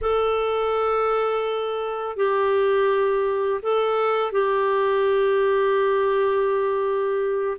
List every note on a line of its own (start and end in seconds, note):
0.01 2.16 A4
2.16 3.60 G4
3.62 4.32 A4
4.32 7.57 G4